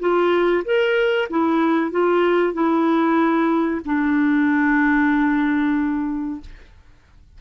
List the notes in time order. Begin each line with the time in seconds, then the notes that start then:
0.00 F4
0.65 A#4
1.30 E4
1.91 F4
2.54 E4
3.86 D4